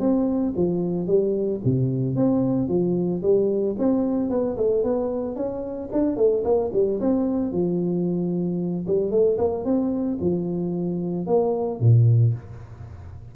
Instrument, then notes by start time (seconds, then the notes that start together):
tuba
0.00 C4
0.56 F3
1.07 G3
1.65 C3
2.16 C4
2.69 F3
3.23 G3
3.79 C4
4.30 B3
4.58 A3
4.84 B3
5.36 C#4
5.93 D4
6.17 A3
6.45 A#3
6.73 G3
7.01 C4
7.53 F3
8.87 G3
9.11 A3
9.38 A#3
9.65 C4
10.21 F3
11.27 A#3
11.81 A#2